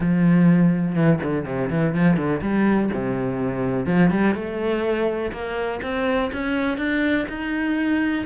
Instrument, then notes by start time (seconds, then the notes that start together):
cello
0.00 F3
0.95 E3
1.23 D3
1.45 C3
1.70 E3
1.94 F3
2.16 D3
2.41 G3
2.93 C3
3.86 F3
4.10 G3
4.34 A3
5.32 A#3
5.82 C4
6.32 C#4
6.77 D4
7.28 D#4